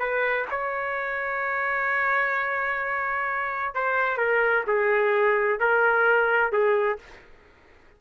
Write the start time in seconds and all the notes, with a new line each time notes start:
0.00 B4
0.51 C#5
3.75 C5
4.18 A#4
4.67 G#4
5.60 A#4
6.52 G#4